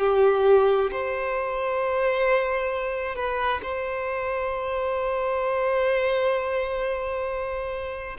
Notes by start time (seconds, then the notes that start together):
0.00 G4
0.92 C5
3.16 B4
3.63 C5